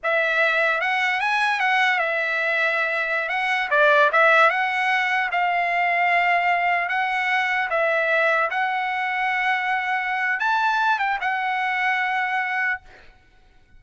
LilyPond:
\new Staff \with { instrumentName = "trumpet" } { \time 4/4 \tempo 4 = 150 e''2 fis''4 gis''4 | fis''4 e''2.~ | e''16 fis''4 d''4 e''4 fis''8.~ | fis''4~ fis''16 f''2~ f''8.~ |
f''4~ f''16 fis''2 e''8.~ | e''4~ e''16 fis''2~ fis''8.~ | fis''2 a''4. g''8 | fis''1 | }